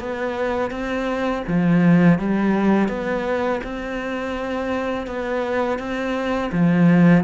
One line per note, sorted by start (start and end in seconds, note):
0.00 0.71 B3
0.71 1.44 C4
1.48 2.19 F3
2.19 2.89 G3
2.89 3.61 B3
3.64 5.07 C4
5.07 5.79 B3
5.79 6.51 C4
6.53 7.24 F3